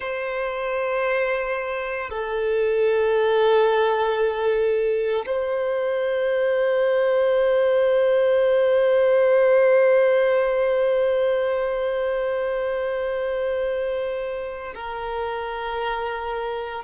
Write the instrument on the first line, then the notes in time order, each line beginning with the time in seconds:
violin
0.00 C5
2.10 A4
5.26 C5
14.75 A#4